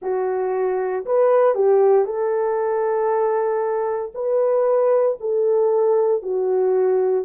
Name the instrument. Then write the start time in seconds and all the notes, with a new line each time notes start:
horn
0.01 F#4
1.05 B4
1.55 G4
2.05 A4
4.14 B4
5.20 A4
6.22 F#4